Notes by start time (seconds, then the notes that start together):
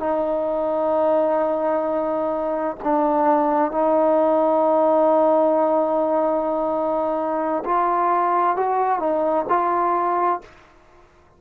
0.00 D#4
2.84 D4
3.71 D#4
7.65 F4
8.56 F#4
9.00 D#4
9.49 F4